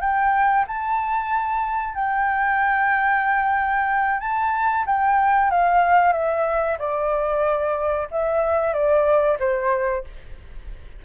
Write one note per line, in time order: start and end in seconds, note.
0.00 0.65 G5
0.67 1.94 A5
1.94 4.20 G5
4.20 4.84 A5
4.86 5.50 G5
5.50 6.12 F5
6.12 6.77 E5
6.78 8.07 D5
8.11 8.73 E5
8.73 9.37 D5
9.39 10.04 C5